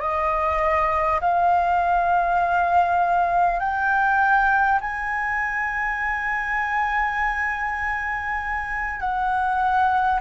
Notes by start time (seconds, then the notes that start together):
0.00 D#5
1.21 F5
3.59 G5
4.81 G#5
9.00 F#5